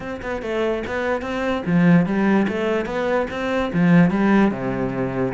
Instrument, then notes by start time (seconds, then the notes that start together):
cello
0.00 C4
0.21 B3
0.42 A3
0.86 B3
1.21 C4
1.66 F3
2.05 G3
2.48 A3
2.85 B3
3.30 C4
3.73 F3
4.10 G3
4.51 C3